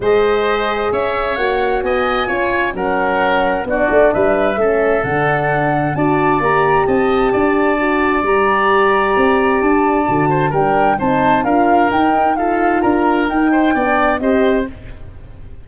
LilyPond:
<<
  \new Staff \with { instrumentName = "flute" } { \time 4/4 \tempo 4 = 131 dis''2 e''4 fis''4 | gis''2 fis''2 | d''4 e''2 fis''4~ | fis''4 a''4 ais''4 a''4~ |
a''2 ais''2~ | ais''4 a''2 g''4 | a''4 f''4 g''4 f''4 | ais''4 g''2 dis''4 | }
  \new Staff \with { instrumentName = "oboe" } { \time 4/4 c''2 cis''2 | dis''4 cis''4 ais'2 | fis'4 b'4 a'2~ | a'4 d''2 dis''4 |
d''1~ | d''2~ d''8 c''8 ais'4 | c''4 ais'2 a'4 | ais'4. c''8 d''4 c''4 | }
  \new Staff \with { instrumentName = "horn" } { \time 4/4 gis'2. fis'4~ | fis'4 f'4 cis'2 | d'2 cis'4 d'4~ | d'4 fis'4 g'2~ |
g'4 fis'4 g'2~ | g'2 fis'4 d'4 | dis'4 f'4 dis'4 f'4~ | f'4 dis'4 d'4 g'4 | }
  \new Staff \with { instrumentName = "tuba" } { \time 4/4 gis2 cis'4 ais4 | b4 cis'4 fis2 | b8 a8 g4 a4 d4~ | d4 d'4 ais4 c'4 |
d'2 g2 | c'4 d'4 d4 g4 | c'4 d'4 dis'2 | d'4 dis'4 b4 c'4 | }
>>